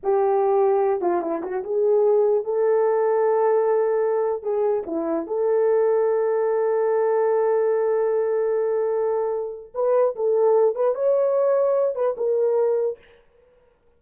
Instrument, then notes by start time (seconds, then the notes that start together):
horn
0.03 G4
1.01 F4
1.21 E4
1.42 F#4
1.63 G#4
2.44 A4
4.43 G#4
4.86 E4
5.26 A4
9.74 B4
10.15 A4
10.75 B4
10.94 C#5
11.95 B4
12.17 A#4